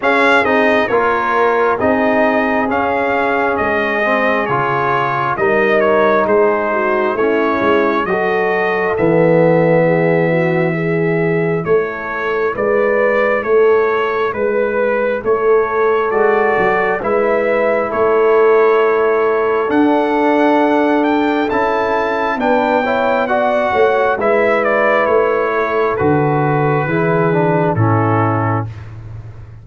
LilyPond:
<<
  \new Staff \with { instrumentName = "trumpet" } { \time 4/4 \tempo 4 = 67 f''8 dis''8 cis''4 dis''4 f''4 | dis''4 cis''4 dis''8 cis''8 c''4 | cis''4 dis''4 e''2~ | e''4 cis''4 d''4 cis''4 |
b'4 cis''4 d''4 e''4 | cis''2 fis''4. g''8 | a''4 g''4 fis''4 e''8 d''8 | cis''4 b'2 a'4 | }
  \new Staff \with { instrumentName = "horn" } { \time 4/4 gis'4 ais'4 gis'2~ | gis'2 ais'4 gis'8 fis'8 | e'4 a'2 gis'8 fis'8 | gis'4 a'4 b'4 a'4 |
b'4 a'2 b'4 | a'1~ | a'4 b'8 cis''8 d''8 cis''8 b'4~ | b'8 a'4. gis'4 e'4 | }
  \new Staff \with { instrumentName = "trombone" } { \time 4/4 cis'8 dis'8 f'4 dis'4 cis'4~ | cis'8 c'8 f'4 dis'2 | cis'4 fis'4 b2 | e'1~ |
e'2 fis'4 e'4~ | e'2 d'2 | e'4 d'8 e'8 fis'4 e'4~ | e'4 fis'4 e'8 d'8 cis'4 | }
  \new Staff \with { instrumentName = "tuba" } { \time 4/4 cis'8 c'8 ais4 c'4 cis'4 | gis4 cis4 g4 gis4 | a8 gis8 fis4 e2~ | e4 a4 gis4 a4 |
gis4 a4 gis8 fis8 gis4 | a2 d'2 | cis'4 b4. a8 gis4 | a4 d4 e4 a,4 | }
>>